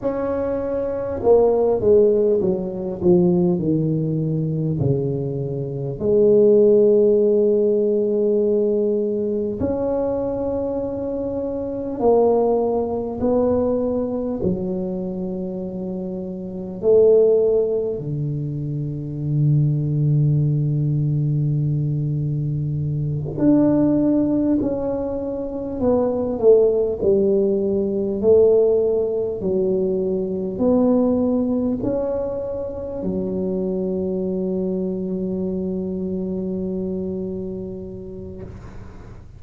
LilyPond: \new Staff \with { instrumentName = "tuba" } { \time 4/4 \tempo 4 = 50 cis'4 ais8 gis8 fis8 f8 dis4 | cis4 gis2. | cis'2 ais4 b4 | fis2 a4 d4~ |
d2.~ d8 d'8~ | d'8 cis'4 b8 a8 g4 a8~ | a8 fis4 b4 cis'4 fis8~ | fis1 | }